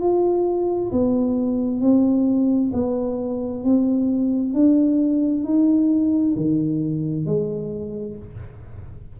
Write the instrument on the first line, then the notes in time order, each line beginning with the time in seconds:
tuba
0.00 F4
0.91 B3
1.80 C4
2.73 B3
3.64 C4
4.53 D4
5.44 D#4
6.36 D#3
7.26 G#3